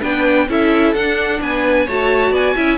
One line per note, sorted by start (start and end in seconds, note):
0.00 0.48 B3
0.00 0.47 D4
0.00 0.46 B4
0.00 0.49 G5
0.48 0.94 C#4
0.48 0.95 E4
0.48 1.41 A4
0.48 0.94 E5
0.94 1.40 D4
0.94 1.87 D4
0.94 1.40 F#5
1.41 1.87 B3
1.41 1.86 B4
1.41 1.88 G#5
1.86 2.31 A3
1.86 2.56 F#4
1.86 2.31 C#5
1.86 2.34 A5
2.31 2.54 B3
2.31 2.54 D5
2.31 2.78 G#5
2.56 2.78 C#4
2.56 2.78 E4
2.56 2.78 E5